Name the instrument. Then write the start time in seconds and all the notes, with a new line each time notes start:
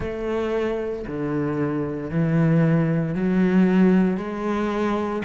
cello
0.00 A3
1.06 D3
2.10 E3
3.14 F#3
4.17 G#3